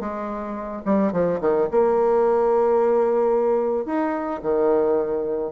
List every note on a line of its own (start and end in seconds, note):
0.00 0.83 G#3
0.85 1.12 G3
1.12 1.40 F3
1.41 1.68 D#3
1.71 3.86 A#3
3.86 4.41 D#4
4.43 5.52 D#3